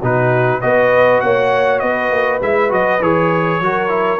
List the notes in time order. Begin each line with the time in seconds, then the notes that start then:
0.00 B2 D#4 F#4 B4
0.61 B3 F#4 B4 D#5
1.21 A#3 C#5 F#5
1.80 B3 B4 D#5
2.11 A#3
2.42 G#3 E4 E5
2.70 F#3 F#4 D#5
3.01 E3 G#4 C#5
3.60 F#3 F#4 A#4
3.89 E4